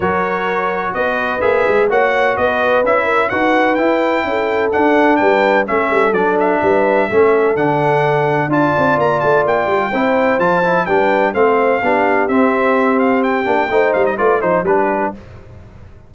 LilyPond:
<<
  \new Staff \with { instrumentName = "trumpet" } { \time 4/4 \tempo 4 = 127 cis''2 dis''4 e''4 | fis''4 dis''4 e''4 fis''4 | g''2 fis''4 g''4 | e''4 d''8 e''2~ e''8 |
fis''2 a''4 ais''8 a''8 | g''2 a''4 g''4 | f''2 e''4. f''8 | g''4. f''16 dis''16 d''8 c''8 b'4 | }
  \new Staff \with { instrumentName = "horn" } { \time 4/4 ais'2 b'2 | cis''4 b'4. ais'8 b'4~ | b'4 a'2 b'4 | a'2 b'4 a'4~ |
a'2 d''2~ | d''4 c''2 b'4 | c''4 g'2.~ | g'4 c''4 b'8 c''8 g'4 | }
  \new Staff \with { instrumentName = "trombone" } { \time 4/4 fis'2. gis'4 | fis'2 e'4 fis'4 | e'2 d'2 | cis'4 d'2 cis'4 |
d'2 f'2~ | f'4 e'4 f'8 e'8 d'4 | c'4 d'4 c'2~ | c'8 d'8 dis'4 f'8 dis'8 d'4 | }
  \new Staff \with { instrumentName = "tuba" } { \time 4/4 fis2 b4 ais8 gis8 | ais4 b4 cis'4 dis'4 | e'4 cis'4 d'4 g4 | a8 g8 fis4 g4 a4 |
d2 d'8 c'8 ais8 a8 | ais8 g8 c'4 f4 g4 | a4 b4 c'2~ | c'8 ais8 a8 g8 a8 f8 g4 | }
>>